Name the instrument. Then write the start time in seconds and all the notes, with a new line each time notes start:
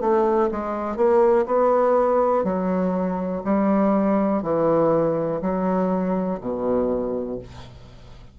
bassoon
0.00 A3
0.51 G#3
0.96 A#3
1.46 B3
2.44 F#3
3.44 G3
4.42 E3
5.41 F#3
6.40 B2